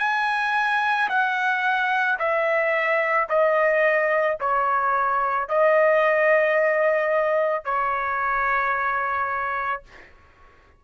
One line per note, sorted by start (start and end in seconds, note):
0.00 1.09 G#5
1.10 2.19 F#5
2.19 3.28 E5
3.29 4.38 D#5
4.40 5.49 C#5
5.49 7.65 D#5
7.65 9.83 C#5